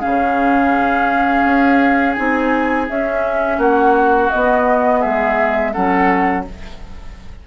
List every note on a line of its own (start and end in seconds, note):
0.00 1.44 C#3
0.00 2.14 C#4
0.00 3.57 G#4
0.00 2.14 F5
1.44 2.16 C#4
2.14 2.89 C4
2.14 2.88 D#4
2.14 2.85 G#5
2.89 3.58 C#4
2.89 4.32 C#4
2.89 3.61 E5
3.58 4.29 A#3
3.58 5.00 F#4
3.58 4.30 F#5
4.30 5.74 B3
4.30 5.05 B3
4.30 5.02 D#5
5.00 5.76 G#3
5.00 5.72 G#4
5.00 5.73 E5
5.73 6.47 F#3
5.73 6.45 C#4
5.73 6.45 A4
5.73 6.45 F#5